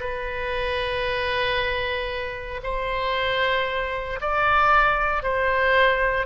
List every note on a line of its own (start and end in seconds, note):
0.00 2.61 B4
2.63 4.20 C5
4.21 5.23 D5
5.23 6.26 C5